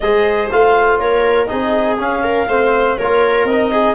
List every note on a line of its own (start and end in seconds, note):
0.00 0.50 G#3
0.00 0.51 G#4
0.00 1.00 C5
0.00 0.49 D#5
0.51 0.99 A3
0.51 1.47 F4
0.51 0.99 F5
0.99 1.49 A#3
0.99 1.49 A#4
0.99 1.46 C#5
1.46 1.98 C4
1.46 1.96 D#4
1.46 2.23 G#4
1.46 1.95 D#5
1.98 2.47 C#4
1.98 2.97 F5
2.23 2.48 A#4
2.47 2.97 A3
2.47 3.00 C4
2.47 2.97 C5
2.97 3.44 A#3
2.97 3.49 F4
2.97 3.71 A#4
2.97 3.45 C#5
3.44 3.93 C4
3.44 3.95 D#4
3.44 3.95 D#5
3.71 3.95 G#4